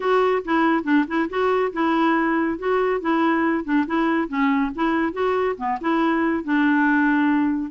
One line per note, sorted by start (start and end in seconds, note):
0.00 0.42 F#4
0.44 0.83 E4
0.83 1.05 D4
1.07 1.29 E4
1.29 1.72 F#4
1.72 2.58 E4
2.58 3.00 F#4
3.00 3.64 E4
3.64 3.85 D4
3.86 4.28 E4
4.28 4.71 C#4
4.75 5.13 E4
5.13 5.55 F#4
5.57 5.78 B3
5.81 6.44 E4
6.44 7.71 D4